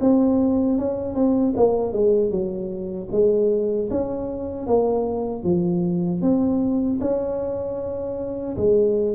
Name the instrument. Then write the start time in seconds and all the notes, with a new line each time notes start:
tuba
0.00 C4
0.78 C#4
1.14 C4
1.56 A#3
1.92 G#3
2.30 F#3
3.11 G#3
3.90 C#4
4.66 A#3
5.43 F3
6.21 C4
7.00 C#4
8.56 G#3